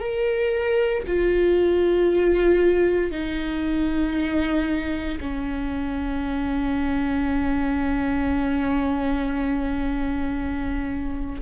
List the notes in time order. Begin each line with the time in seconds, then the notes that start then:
0.00 A#4
1.07 F4
3.11 D#4
5.21 C#4